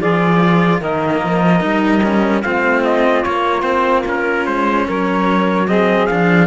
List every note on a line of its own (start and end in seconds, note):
0.00 0.80 F3
0.00 0.81 F4
0.00 0.80 G#4
0.00 0.82 D5
0.80 1.20 D#3
0.80 1.60 A#3
0.80 2.41 A#4
0.80 2.42 D#5
1.23 1.62 F3
1.60 2.43 G3
1.60 2.01 D#4
2.03 2.43 C#4
2.41 3.24 A3
2.41 3.25 C4
2.41 4.84 F4
2.41 2.83 F5
2.84 3.23 D#5
3.23 4.45 A#3
3.23 3.62 A#3
3.23 3.61 C#5
3.61 4.03 C4
3.61 4.02 C5
4.05 5.67 C#4
4.05 4.46 A#4
4.45 4.86 G#3
4.45 4.86 C5
4.87 6.09 F#3
4.87 5.67 A#4
4.87 5.67 C#5
5.67 6.08 C4
5.67 6.46 G#4
5.67 6.06 D#5
6.06 6.46 F3
6.06 6.46 D4
6.06 6.46 F5